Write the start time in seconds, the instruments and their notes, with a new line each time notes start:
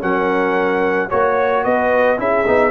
0.00 tuba F#3, trombone C#4, horn A#4, trumpet F#5
1.08 tuba A#3, trombone F#4, horn C#5, trumpet C#5
1.64 tuba B3, horn B4, trumpet D#5
2.17 tuba C#4, trombone E4, horn G#4, trumpet E5
2.46 tuba B3, trombone D#4